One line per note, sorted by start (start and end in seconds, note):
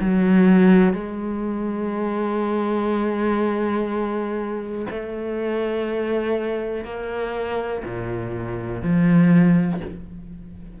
0.00 0.93 F#3
0.93 4.86 G#3
4.90 6.84 A3
6.84 7.82 A#3
7.85 8.82 A#2
8.82 9.80 F3